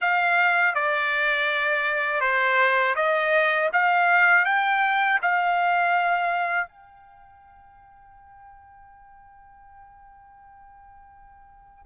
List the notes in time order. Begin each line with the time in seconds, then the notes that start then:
0.01 F5
0.74 D5
2.20 C5
2.95 D#5
3.72 F5
4.45 G5
5.22 F5
6.68 G5